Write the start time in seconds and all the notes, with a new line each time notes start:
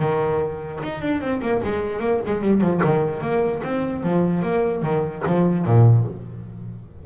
0.00 D#3
0.83 D#4
1.02 D4
1.21 C4
1.42 A#3
1.64 G#3
2.00 A#3
2.26 G#3
2.42 G3
2.61 F3
2.84 D#3
3.22 A#3
3.64 C4
4.03 F3
4.43 A#3
4.83 D#3
5.27 F3
5.65 A#2